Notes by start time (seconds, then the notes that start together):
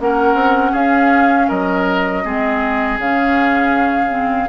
0.00 A#3 C#4 A#4 F#5
0.35 C4
0.72 C#4 G#4 F5
1.48 F#3 A#4 D#5
2.25 G#3 C4 G#4
2.99 C#3 C#4 F5
4.10 C4